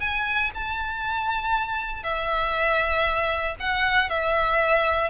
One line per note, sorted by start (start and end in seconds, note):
0.00 0.51 G#5
0.55 2.03 A5
2.03 3.56 E5
3.60 4.10 F#5
4.10 5.10 E5